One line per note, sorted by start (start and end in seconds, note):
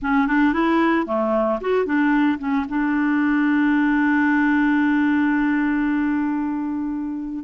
0.01 0.27 C#4
0.27 0.53 D4
0.53 1.06 E4
1.06 1.59 A3
1.60 1.85 F#4
1.85 2.38 D4
2.38 2.65 C#4
2.68 7.44 D4